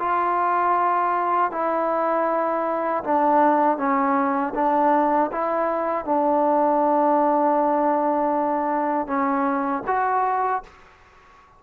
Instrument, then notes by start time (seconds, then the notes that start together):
trombone
0.00 F4
1.52 E4
3.04 D4
3.78 C#4
4.55 D4
5.32 E4
6.06 D4
9.08 C#4
9.87 F#4